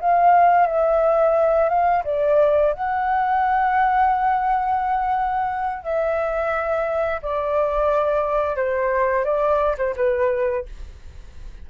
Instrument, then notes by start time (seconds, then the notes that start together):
flute
0.00 F5
0.66 E5
1.69 F5
2.04 D5
2.73 F#5
5.83 E5
7.22 D5
8.56 C5
9.24 D5
9.78 C5
9.96 B4